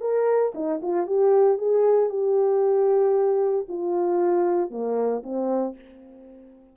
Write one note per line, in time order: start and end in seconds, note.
0.00 0.52 A#4
0.54 0.80 D#4
0.81 1.06 F4
1.06 1.57 G4
1.57 2.09 G#4
2.09 3.66 G4
3.68 4.70 F4
4.70 5.22 A#3
5.23 5.75 C4